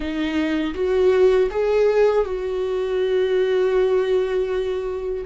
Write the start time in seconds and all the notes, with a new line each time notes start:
0.00 D#4
0.74 F#4
1.50 G#4
2.25 F#4